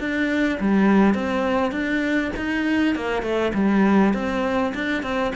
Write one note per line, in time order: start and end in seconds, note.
0.00 0.59 D4
0.60 1.15 G3
1.15 1.72 C4
1.72 2.32 D4
2.37 2.96 D#4
2.96 3.23 A#3
3.23 3.53 A3
3.55 4.14 G3
4.14 4.74 C4
4.75 5.03 D4
5.03 5.33 C4